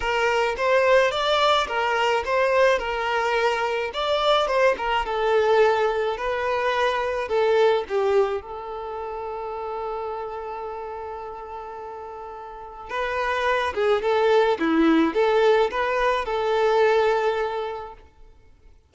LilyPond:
\new Staff \with { instrumentName = "violin" } { \time 4/4 \tempo 4 = 107 ais'4 c''4 d''4 ais'4 | c''4 ais'2 d''4 | c''8 ais'8 a'2 b'4~ | b'4 a'4 g'4 a'4~ |
a'1~ | a'2. b'4~ | b'8 gis'8 a'4 e'4 a'4 | b'4 a'2. | }